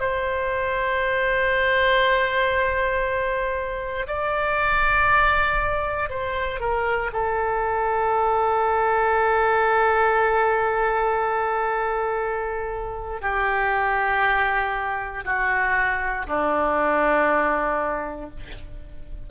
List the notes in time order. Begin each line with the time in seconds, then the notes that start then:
0.00 C5
4.07 D5
6.09 C5
6.60 A#4
7.12 A4
13.21 G4
15.24 F#4
16.27 D4